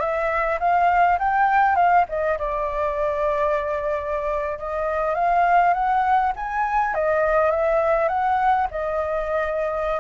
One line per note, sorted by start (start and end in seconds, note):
0.00 0.59 E5
0.60 1.18 F5
1.19 1.75 G5
1.75 2.05 F5
2.09 2.38 D#5
2.38 4.58 D5
4.58 5.15 D#5
5.15 5.74 F5
5.74 6.32 F#5
6.36 6.94 G#5
6.94 7.51 D#5
7.51 8.08 E5
8.08 8.67 F#5
8.71 10.00 D#5